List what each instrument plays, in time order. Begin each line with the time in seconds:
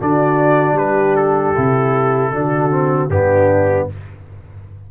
0.00 tuba D3, trombone D4, horn F#4, trumpet D5
0.73 tuba G3, horn G4, trumpet B4
1.16 trumpet A4
1.55 tuba C3, trombone E4
2.32 tuba D3, trombone D4, horn F#4
2.71 trombone C4
3.09 tuba G2, trombone B3, horn D4, trumpet G4